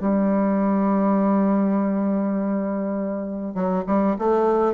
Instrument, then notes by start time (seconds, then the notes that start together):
bassoon
0.00 G3
3.54 F#3
3.86 G3
4.18 A3